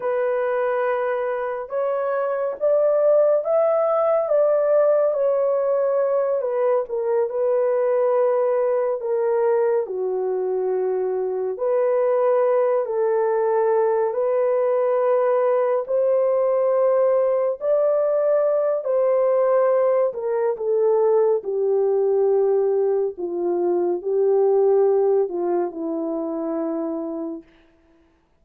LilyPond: \new Staff \with { instrumentName = "horn" } { \time 4/4 \tempo 4 = 70 b'2 cis''4 d''4 | e''4 d''4 cis''4. b'8 | ais'8 b'2 ais'4 fis'8~ | fis'4. b'4. a'4~ |
a'8 b'2 c''4.~ | c''8 d''4. c''4. ais'8 | a'4 g'2 f'4 | g'4. f'8 e'2 | }